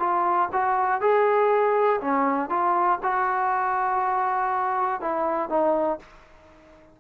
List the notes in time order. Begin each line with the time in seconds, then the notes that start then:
0.00 F4
0.53 F#4
1.01 G#4
2.02 C#4
2.50 F4
3.04 F#4
5.01 E4
5.50 D#4